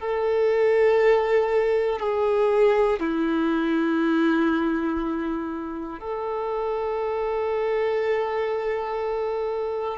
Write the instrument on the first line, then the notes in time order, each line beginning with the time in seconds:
violin
0.00 A4
2.00 G#4
3.00 E4
6.00 A4